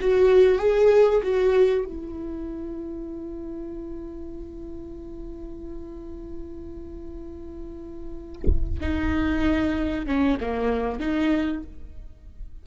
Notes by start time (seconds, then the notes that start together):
0.00 F#4
0.58 G#4
1.23 F#4
1.85 E4
8.80 D#4
10.06 C#4
10.40 A#3
11.00 D#4